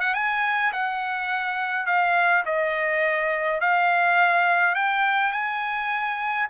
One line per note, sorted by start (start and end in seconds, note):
0.00 0.14 F#5
0.14 0.72 G#5
0.72 1.86 F#5
1.86 2.44 F5
2.45 3.61 D#5
3.61 4.75 F5
4.75 5.32 G5
5.32 6.47 G#5